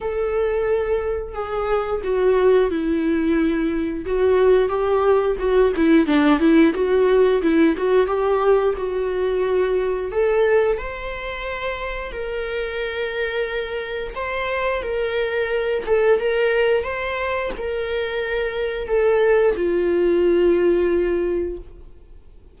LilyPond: \new Staff \with { instrumentName = "viola" } { \time 4/4 \tempo 4 = 89 a'2 gis'4 fis'4 | e'2 fis'4 g'4 | fis'8 e'8 d'8 e'8 fis'4 e'8 fis'8 | g'4 fis'2 a'4 |
c''2 ais'2~ | ais'4 c''4 ais'4. a'8 | ais'4 c''4 ais'2 | a'4 f'2. | }